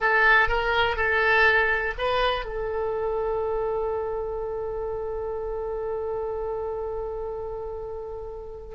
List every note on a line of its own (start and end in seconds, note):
0.00 0.48 A4
0.48 0.96 A#4
0.96 1.94 A4
1.98 2.45 B4
2.45 8.75 A4